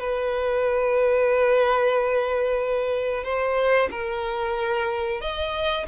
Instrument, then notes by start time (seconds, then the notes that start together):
violin
0.00 B4
3.24 C5
3.91 A#4
5.21 D#5